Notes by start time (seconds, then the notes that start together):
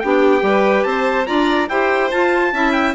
0.00 B3 D4 G4 G5
0.40 G3 G4 B4
0.83 C4 C5 A5
1.26 D4 F4 D5 A#5
1.69 E4 G4 C5 G5
2.11 F4 A5
2.52 C#4 E4 E5
2.72 G5